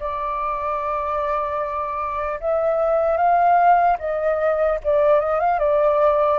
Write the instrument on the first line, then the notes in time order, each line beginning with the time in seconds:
flute
0.00 D5
2.40 E5
3.17 F5
3.99 D#5
4.84 D5
5.20 D#5
5.40 F5
5.59 D5